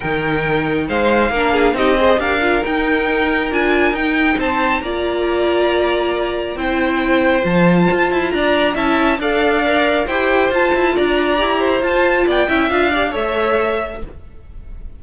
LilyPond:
<<
  \new Staff \with { instrumentName = "violin" } { \time 4/4 \tempo 4 = 137 g''2 f''2 | dis''4 f''4 g''2 | gis''4 g''4 a''4 ais''4~ | ais''2. g''4~ |
g''4 a''2 ais''4 | a''4 f''2 g''4 | a''4 ais''2 a''4 | g''4 f''4 e''2 | }
  \new Staff \with { instrumentName = "violin" } { \time 4/4 ais'2 c''4 ais'8 gis'8 | g'8 c''8 ais'2.~ | ais'2 c''4 d''4~ | d''2. c''4~ |
c''2. d''4 | e''4 d''2 c''4~ | c''4 d''4. c''4. | d''8 e''4 d''8 cis''2 | }
  \new Staff \with { instrumentName = "viola" } { \time 4/4 dis'2. d'4 | dis'8 gis'8 g'8 f'8 dis'2 | f'4 dis'2 f'4~ | f'2. e'4~ |
e'4 f'2. | e'4 a'4 ais'4 g'4 | f'2 g'4 f'4~ | f'8 e'8 f'8 g'8 a'2 | }
  \new Staff \with { instrumentName = "cello" } { \time 4/4 dis2 gis4 ais4 | c'4 d'4 dis'2 | d'4 dis'4 c'4 ais4~ | ais2. c'4~ |
c'4 f4 f'8 e'8 d'4 | cis'4 d'2 e'4 | f'8 e'8 d'4 e'4 f'4 | b8 cis'8 d'4 a2 | }
>>